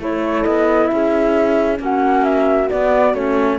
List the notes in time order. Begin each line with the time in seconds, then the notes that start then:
0.00 A3 E4 A4 C#5
0.44 B3 D#5
0.88 C#4 G#4 E5
1.77 A#3 C#4 F#4
1.84 F#5
2.24 E5
2.70 B3 D5
3.14 A3 C#4 C#5